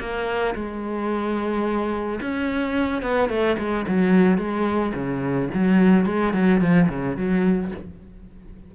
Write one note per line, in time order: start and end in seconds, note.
0.00 0.55 A#3
0.55 2.20 G#3
2.21 3.03 C#4
3.03 3.30 B3
3.30 3.57 A3
3.58 3.86 G#3
3.88 4.38 F#3
4.38 4.93 G#3
4.94 5.49 C#3
5.54 6.06 F#3
6.06 6.34 G#3
6.34 6.61 F#3
6.61 6.89 F3
6.89 7.17 C#3
7.17 7.72 F#3